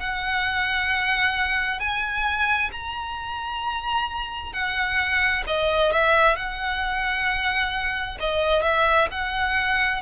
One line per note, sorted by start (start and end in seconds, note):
0.00 1.80 F#5
1.80 2.71 G#5
2.72 4.52 A#5
4.52 5.43 F#5
5.47 5.92 D#5
5.92 6.36 E5
6.36 8.18 F#5
8.20 8.62 D#5
8.62 9.08 E5
9.11 10.02 F#5